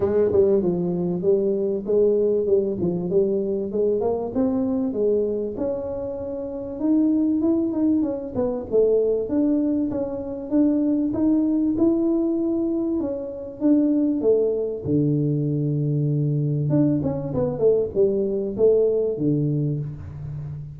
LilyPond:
\new Staff \with { instrumentName = "tuba" } { \time 4/4 \tempo 4 = 97 gis8 g8 f4 g4 gis4 | g8 f8 g4 gis8 ais8 c'4 | gis4 cis'2 dis'4 | e'8 dis'8 cis'8 b8 a4 d'4 |
cis'4 d'4 dis'4 e'4~ | e'4 cis'4 d'4 a4 | d2. d'8 cis'8 | b8 a8 g4 a4 d4 | }